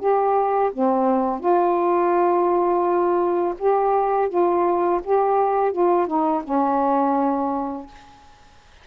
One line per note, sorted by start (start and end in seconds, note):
0.00 0.71 G4
0.73 1.41 C4
1.41 3.55 F4
3.59 4.30 G4
4.30 5.01 F4
5.05 5.73 G4
5.73 6.07 F4
6.07 6.43 D#4
6.44 7.87 C#4